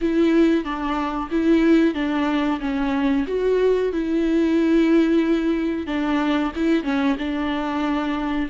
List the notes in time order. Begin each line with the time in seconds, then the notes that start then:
0.01 E4
0.64 D4
1.30 E4
1.94 D4
2.60 C#4
3.27 F#4
3.92 E4
5.86 D4
6.55 E4
6.83 C#4
7.18 D4